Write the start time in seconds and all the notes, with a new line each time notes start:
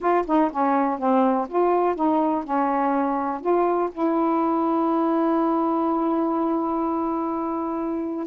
0.00 F4
0.26 D#4
0.51 C#4
0.98 C4
1.48 F4
1.95 D#4
2.44 C#4
3.40 F4
3.91 E4